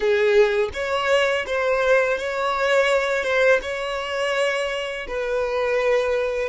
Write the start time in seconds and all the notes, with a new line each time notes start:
0.00 G#4
0.73 C#5
1.46 C5
2.18 C#5
3.23 C5
3.62 C#5
5.07 B4